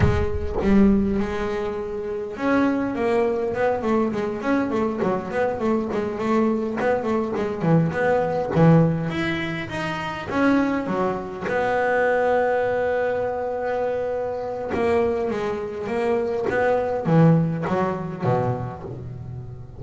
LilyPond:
\new Staff \with { instrumentName = "double bass" } { \time 4/4 \tempo 4 = 102 gis4 g4 gis2 | cis'4 ais4 b8 a8 gis8 cis'8 | a8 fis8 b8 a8 gis8 a4 b8 | a8 gis8 e8 b4 e4 e'8~ |
e'8 dis'4 cis'4 fis4 b8~ | b1~ | b4 ais4 gis4 ais4 | b4 e4 fis4 b,4 | }